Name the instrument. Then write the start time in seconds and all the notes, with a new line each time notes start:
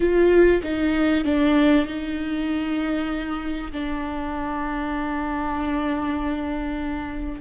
viola
0.00 F4
0.62 D#4
1.24 D4
1.86 D#4
3.72 D4